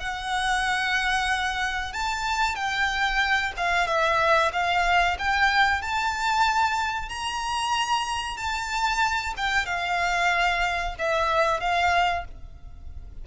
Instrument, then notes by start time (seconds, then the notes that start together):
violin
0.00 F#5
1.93 A5
2.55 G5
3.57 F5
3.87 E5
4.52 F5
5.18 G5
5.82 A5
7.09 A#5
8.37 A5
9.37 G5
9.66 F5
10.99 E5
11.60 F5